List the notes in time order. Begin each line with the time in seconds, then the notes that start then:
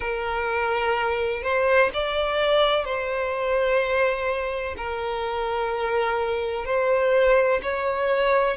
0.00 A#4
1.42 C5
1.93 D5
2.84 C5
4.77 A#4
6.65 C5
7.62 C#5